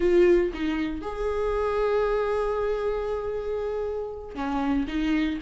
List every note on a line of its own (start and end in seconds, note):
0.00 0.51 F4
0.53 1.01 D#4
1.01 4.34 G#4
4.34 4.86 C#4
4.87 5.38 D#4